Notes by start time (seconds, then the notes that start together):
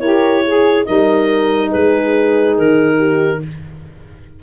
0.00 E4 G4 A#4 C#5
0.46 G#4
0.85 G3 D#4 A#4 D#5
1.70 G#3 G#4 B4
2.58 D#3 A#4
2.98 G4